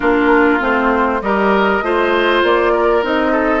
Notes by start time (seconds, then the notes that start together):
0.00 A#3 D4 F4 A#4
0.59 A3 C4 C5
1.21 G3 G4 A#4 D#5
1.81 A3 F4 C5
2.43 A#3 D5
2.72 A#4
3.02 C4 D#4 D#5
3.32 A4